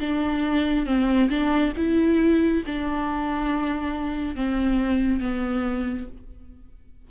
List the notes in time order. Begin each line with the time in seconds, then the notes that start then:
0.00 D4
0.85 C4
1.29 D4
1.76 E4
2.66 D4
4.35 C4
5.20 B3